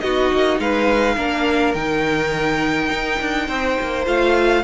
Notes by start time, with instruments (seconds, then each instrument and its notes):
0.00 cello B3, viola D#4, violin F#4 D#5
0.33 cello A#3
0.59 cello G#3, violin B4 F5
1.15 cello A#3, viola D4, violin A#4
1.74 cello D#3, viola D#4, violin G5
2.91 cello D#4
3.21 cello D4
3.47 cello C4, violin C5
3.81 cello A#3
4.06 cello A3, viola F4, violin F5